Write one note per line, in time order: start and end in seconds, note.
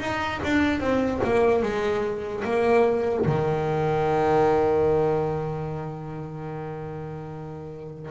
0.00 0.41 D#4
0.44 0.81 D4
0.81 1.21 C4
1.24 1.63 A#3
1.63 2.44 G#3
2.45 3.26 A#3
3.26 8.11 D#3